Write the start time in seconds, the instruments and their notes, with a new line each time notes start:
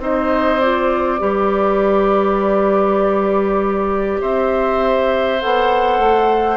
0.00 bassoon C4, clarinet D#4, oboe C5, flute D#5
0.61 clarinet F4, flute D5
1.19 bassoon G3, clarinet G4, oboe B4
4.21 bassoon C4, oboe C5, flute E5
5.41 bassoon B3, clarinet A4, flute F#5
5.99 bassoon A3